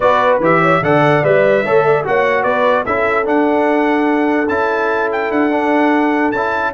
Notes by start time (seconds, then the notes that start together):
0.00 B3 F#4 B4 D5
0.39 E3 G4 E5
0.60 C#5
0.81 D3 A4 D5 F#5
1.23 G3 B4 E5
1.64 A3 A4 C#5
1.85 D5
2.03 A#3 F#4 C#5 F#5
2.43 B3 B4 D5
2.85 C#4 E4 A4 E5
3.24 D4 F#5
4.48 C#4 E4 A5
5.12 G5
5.30 D4 F#5
5.51 D4
6.31 C#4 E4 A5